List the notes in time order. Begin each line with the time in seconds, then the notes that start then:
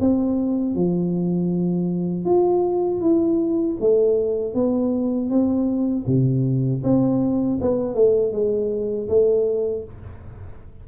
0.00 C4
0.75 F3
2.25 F4
3.01 E4
3.80 A3
4.54 B3
5.30 C4
6.07 C3
6.83 C4
7.61 B3
7.95 A3
8.32 G#3
9.08 A3